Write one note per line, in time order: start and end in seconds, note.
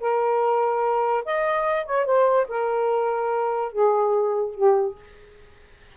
0.00 1.24 A#4
1.25 1.85 D#5
1.85 2.05 C#5
2.05 2.47 C5
2.48 3.72 A#4
3.72 4.54 G#4
4.54 4.96 G4